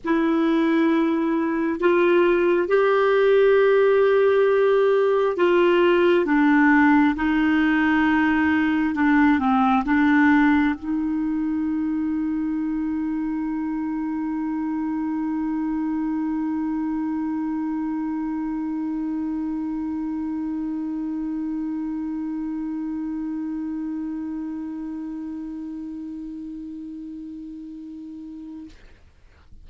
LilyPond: \new Staff \with { instrumentName = "clarinet" } { \time 4/4 \tempo 4 = 67 e'2 f'4 g'4~ | g'2 f'4 d'4 | dis'2 d'8 c'8 d'4 | dis'1~ |
dis'1~ | dis'1~ | dis'1~ | dis'1 | }